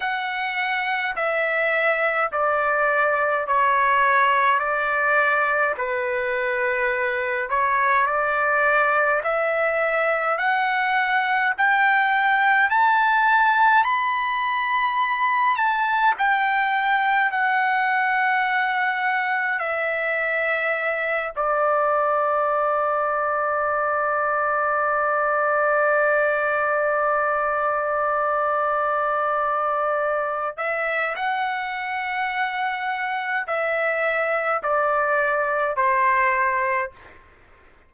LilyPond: \new Staff \with { instrumentName = "trumpet" } { \time 4/4 \tempo 4 = 52 fis''4 e''4 d''4 cis''4 | d''4 b'4. cis''8 d''4 | e''4 fis''4 g''4 a''4 | b''4. a''8 g''4 fis''4~ |
fis''4 e''4. d''4.~ | d''1~ | d''2~ d''8 e''8 fis''4~ | fis''4 e''4 d''4 c''4 | }